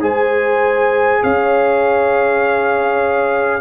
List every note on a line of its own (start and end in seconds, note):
0.00 1.22 G#3
0.00 3.60 G#4
0.00 1.22 C5
0.00 1.23 G#5
1.22 3.60 C#4
1.22 3.60 C#5
1.22 3.60 F5